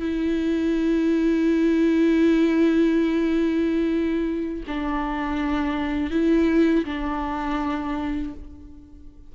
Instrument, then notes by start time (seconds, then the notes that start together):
viola
0.00 E4
4.67 D4
6.10 E4
6.85 D4